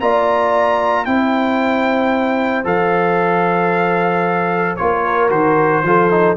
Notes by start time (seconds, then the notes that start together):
0.00 A#3 F4 D5 A#5
1.05 C4 E4 C5 G5
2.64 F3 A4 F5
4.77 A#3 F4 C#5
5.04 A#4
5.30 D#3 F#4 C5
5.83 F3 F4 A4
6.11 D#4